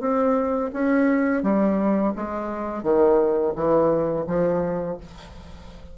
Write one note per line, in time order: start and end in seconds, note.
0.00 0.71 C4
0.73 1.43 C#4
1.43 2.13 G3
2.16 2.83 G#3
2.83 3.53 D#3
3.55 4.26 E3
4.27 4.97 F3